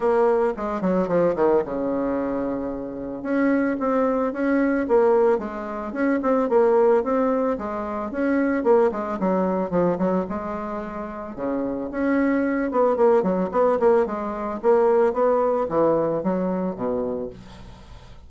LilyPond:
\new Staff \with { instrumentName = "bassoon" } { \time 4/4 \tempo 4 = 111 ais4 gis8 fis8 f8 dis8 cis4~ | cis2 cis'4 c'4 | cis'4 ais4 gis4 cis'8 c'8 | ais4 c'4 gis4 cis'4 |
ais8 gis8 fis4 f8 fis8 gis4~ | gis4 cis4 cis'4. b8 | ais8 fis8 b8 ais8 gis4 ais4 | b4 e4 fis4 b,4 | }